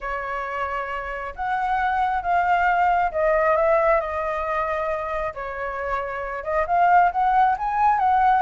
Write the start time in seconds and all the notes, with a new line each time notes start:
0.00 C#5
1.35 F#5
2.22 F5
3.11 D#5
3.56 E5
4.00 D#5
5.34 C#5
6.43 D#5
6.66 F5
7.11 F#5
7.58 G#5
7.98 F#5